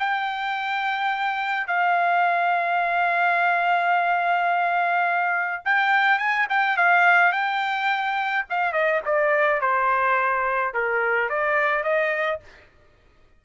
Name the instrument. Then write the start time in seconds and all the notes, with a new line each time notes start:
trumpet
0.00 G5
1.67 F5
5.66 G5
6.19 G#5
6.50 G5
6.77 F5
7.33 G5
8.50 F5
8.73 D#5
9.06 D5
9.61 C5
10.74 A#4
11.30 D5
11.84 D#5